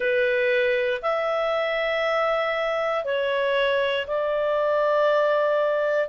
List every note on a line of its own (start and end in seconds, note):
0.00 1.01 B4
1.02 3.04 E5
3.04 4.06 C#5
4.07 6.08 D5